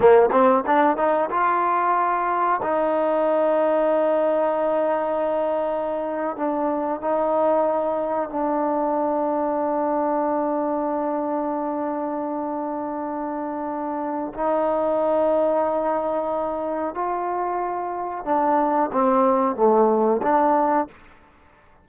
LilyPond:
\new Staff \with { instrumentName = "trombone" } { \time 4/4 \tempo 4 = 92 ais8 c'8 d'8 dis'8 f'2 | dis'1~ | dis'4.~ dis'16 d'4 dis'4~ dis'16~ | dis'8. d'2.~ d'16~ |
d'1~ | d'2 dis'2~ | dis'2 f'2 | d'4 c'4 a4 d'4 | }